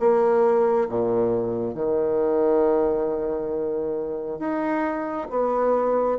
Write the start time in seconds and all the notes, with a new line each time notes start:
0.00 A#3
0.89 A#2
1.75 D#3
4.40 D#4
5.31 B3